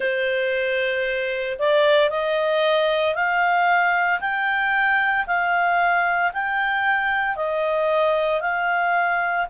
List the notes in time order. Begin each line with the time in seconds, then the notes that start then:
0.00 C5
1.58 D5
2.10 D#5
3.14 F5
4.20 G5
5.26 F5
6.33 G5
7.36 D#5
8.41 F5